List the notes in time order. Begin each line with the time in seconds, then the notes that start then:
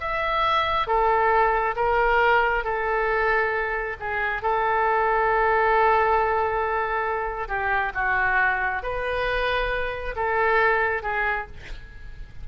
0.00 E5
0.87 A4
1.76 A#4
2.64 A4
4.00 G#4
4.42 A4
7.48 G4
7.95 F#4
8.83 B4
10.16 A4
11.03 G#4